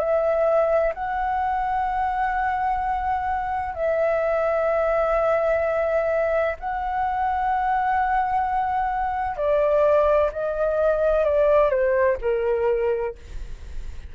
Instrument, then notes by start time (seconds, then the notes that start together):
flute
0.00 E5
0.94 F#5
3.75 E5
6.60 F#5
9.37 D5
10.33 D#5
11.25 D5
11.70 C5
12.22 A#4